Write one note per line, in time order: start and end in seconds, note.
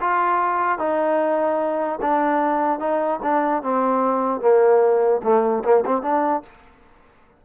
0.00 0.78 F4
0.78 1.99 D#4
2.01 2.79 D4
2.79 3.19 D#4
3.22 3.62 D4
3.62 4.40 C4
4.40 5.21 A#3
5.23 5.63 A3
5.64 5.84 A#3
5.85 6.02 C4
6.02 6.42 D4